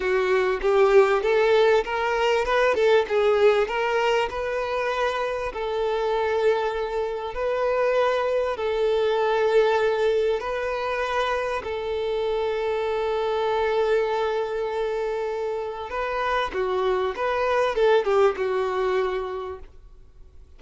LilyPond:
\new Staff \with { instrumentName = "violin" } { \time 4/4 \tempo 4 = 98 fis'4 g'4 a'4 ais'4 | b'8 a'8 gis'4 ais'4 b'4~ | b'4 a'2. | b'2 a'2~ |
a'4 b'2 a'4~ | a'1~ | a'2 b'4 fis'4 | b'4 a'8 g'8 fis'2 | }